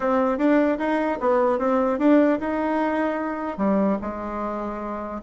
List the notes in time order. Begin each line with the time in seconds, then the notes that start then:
0.00 C4
0.37 D4
0.78 D#4
1.20 B3
1.59 C4
1.99 D4
2.40 D#4
3.57 G3
4.01 G#3